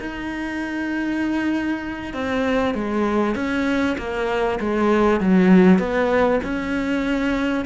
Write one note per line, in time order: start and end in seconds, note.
0.00 2.13 D#4
2.13 2.74 C4
2.74 3.35 G#3
3.35 3.96 C#4
3.98 4.59 A#3
4.60 5.20 G#3
5.20 5.79 F#3
5.79 6.40 B3
6.43 7.65 C#4